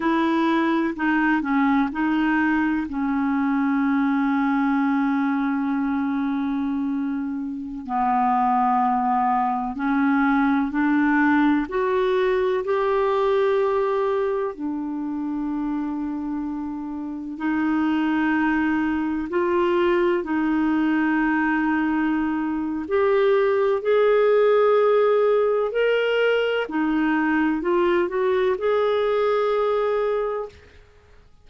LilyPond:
\new Staff \with { instrumentName = "clarinet" } { \time 4/4 \tempo 4 = 63 e'4 dis'8 cis'8 dis'4 cis'4~ | cis'1~ | cis'16 b2 cis'4 d'8.~ | d'16 fis'4 g'2 d'8.~ |
d'2~ d'16 dis'4.~ dis'16~ | dis'16 f'4 dis'2~ dis'8. | g'4 gis'2 ais'4 | dis'4 f'8 fis'8 gis'2 | }